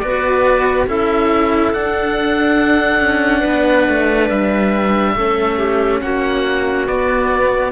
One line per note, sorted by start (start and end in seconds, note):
0.00 0.87 B3
0.00 0.88 F#4
0.00 0.88 B4
0.00 0.86 D5
0.87 1.73 C#4
0.87 1.74 E4
0.87 3.40 A4
0.87 1.73 E5
1.73 3.00 D4
1.73 5.17 D4
1.73 4.30 F#5
3.00 3.43 C#4
3.40 3.89 B3
3.40 5.12 B4
3.89 4.31 A3
4.30 5.16 G3
4.30 6.01 E5
5.16 6.02 A3
5.16 6.87 C#4
5.16 5.58 A4
5.58 6.01 G4
6.01 6.88 A#3
6.01 7.73 F#4
6.01 6.87 F#5
6.87 7.73 B3
6.87 7.73 D5